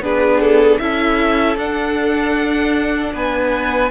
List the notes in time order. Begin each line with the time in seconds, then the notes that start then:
0.00 B3 D4 G#4 B4
0.40 A4
0.79 C#4 E4 A4 E5
1.56 D4 F#5
3.13 B3 B4 G#5